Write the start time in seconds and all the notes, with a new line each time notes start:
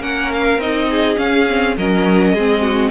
0.00 A#3 C#4 A#4 F#5
0.33 F5
0.58 C4 D#4 D#5
0.90 G#4
1.16 C#4 F5
1.48 C4
1.77 F#3 C#4 A#4 D#5
2.34 G#3 C4 G#4
2.62 F#4